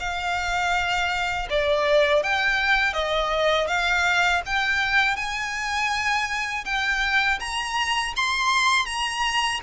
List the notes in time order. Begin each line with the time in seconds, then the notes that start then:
0.00 F5
1.50 D5
2.23 G5
2.93 D#5
3.67 F5
4.46 G5
5.16 G#5
6.65 G5
7.39 A#5
8.16 C6
8.86 A#5